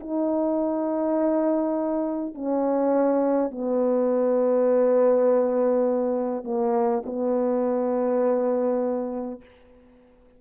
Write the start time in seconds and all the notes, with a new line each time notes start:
0.00 D#4
2.34 C#4
3.51 B3
6.44 A#3
7.05 B3